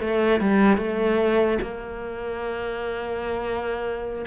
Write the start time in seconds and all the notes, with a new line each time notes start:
0.00 A3
0.40 G3
0.77 A3
1.61 A#3